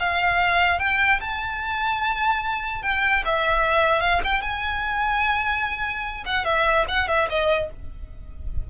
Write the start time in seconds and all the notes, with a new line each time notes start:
0.00 F5
0.80 G5
1.21 A5
2.83 G5
3.26 E5
4.01 F5
4.24 G5
4.42 G#5
6.26 F#5
6.46 E5
6.88 F#5
7.09 E5
7.30 D#5